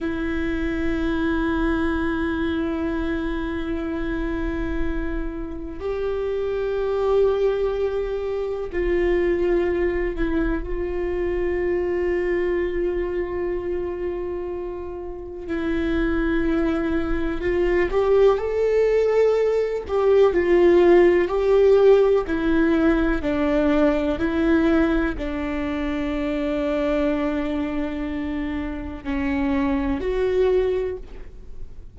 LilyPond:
\new Staff \with { instrumentName = "viola" } { \time 4/4 \tempo 4 = 62 e'1~ | e'2 g'2~ | g'4 f'4. e'8 f'4~ | f'1 |
e'2 f'8 g'8 a'4~ | a'8 g'8 f'4 g'4 e'4 | d'4 e'4 d'2~ | d'2 cis'4 fis'4 | }